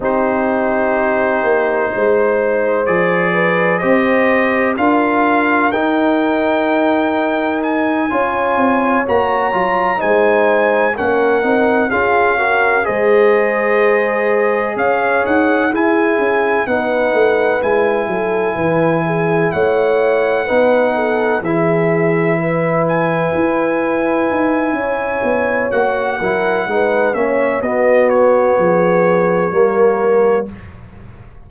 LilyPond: <<
  \new Staff \with { instrumentName = "trumpet" } { \time 4/4 \tempo 4 = 63 c''2. d''4 | dis''4 f''4 g''2 | gis''4. ais''4 gis''4 fis''8~ | fis''8 f''4 dis''2 f''8 |
fis''8 gis''4 fis''4 gis''4.~ | gis''8 fis''2 e''4. | gis''2. fis''4~ | fis''8 e''8 dis''8 cis''2~ cis''8 | }
  \new Staff \with { instrumentName = "horn" } { \time 4/4 g'2 c''4. b'8 | c''4 ais'2.~ | ais'8 cis''2 c''4 ais'8~ | ais'8 gis'8 ais'8 c''2 cis''8~ |
cis''8 gis'4 b'4. a'8 b'8 | gis'8 cis''4 b'8 a'8 gis'4 b'8~ | b'2 cis''4. ais'8 | b'8 cis''8 fis'4 gis'4 ais'4 | }
  \new Staff \with { instrumentName = "trombone" } { \time 4/4 dis'2. gis'4 | g'4 f'4 dis'2~ | dis'8 f'4 fis'8 f'8 dis'4 cis'8 | dis'8 f'8 fis'8 gis'2~ gis'8~ |
gis'8 e'4 dis'4 e'4.~ | e'4. dis'4 e'4.~ | e'2. fis'8 e'8 | dis'8 cis'8 b2 ais4 | }
  \new Staff \with { instrumentName = "tuba" } { \time 4/4 c'4. ais8 gis4 f4 | c'4 d'4 dis'2~ | dis'8 cis'8 c'8 ais8 fis8 gis4 ais8 | c'8 cis'4 gis2 cis'8 |
dis'8 e'8 cis'8 b8 a8 gis8 fis8 e8~ | e8 a4 b4 e4.~ | e8 e'4 dis'8 cis'8 b8 ais8 fis8 | gis8 ais8 b4 f4 g4 | }
>>